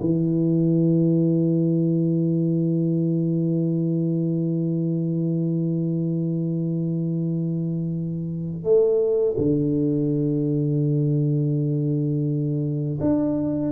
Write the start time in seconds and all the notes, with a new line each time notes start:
0.00 E3
8.63 A3
9.37 D3
13.00 D4